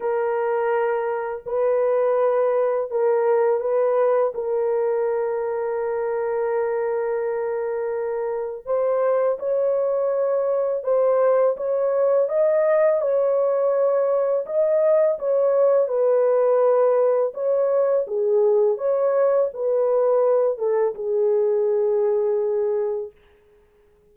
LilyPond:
\new Staff \with { instrumentName = "horn" } { \time 4/4 \tempo 4 = 83 ais'2 b'2 | ais'4 b'4 ais'2~ | ais'1 | c''4 cis''2 c''4 |
cis''4 dis''4 cis''2 | dis''4 cis''4 b'2 | cis''4 gis'4 cis''4 b'4~ | b'8 a'8 gis'2. | }